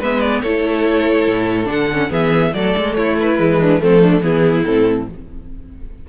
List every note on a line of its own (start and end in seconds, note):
0.00 0.43 G#3
0.00 0.46 B3
0.00 0.42 B4
0.00 0.21 E5
0.21 0.42 D5
0.42 1.28 A3
0.42 1.65 E4
0.42 2.10 A4
0.42 1.69 C#5
1.28 1.68 A2
1.65 2.11 D3
1.65 1.86 D4
1.65 2.12 F#5
1.93 2.10 C#4
2.10 2.54 E3
2.10 2.52 B3
2.10 2.52 G#4
2.10 2.54 E5
2.54 2.76 F#3
2.54 3.38 A3
2.54 2.98 A4
2.54 2.95 D5
2.77 2.98 G#3
2.95 3.39 A3
2.95 3.60 E4
2.95 3.17 C#5
3.20 3.83 B4
3.38 3.82 E3
3.38 3.80 G#3
3.60 3.82 D4
3.80 4.22 F3
3.80 4.22 A3
3.80 4.02 C4
3.80 4.24 A4
4.02 4.23 D4
4.22 4.64 E3
4.22 4.65 B3
4.22 5.09 E4
4.22 4.65 G#4
4.65 5.09 A2
4.65 5.09 C4
4.65 5.07 A4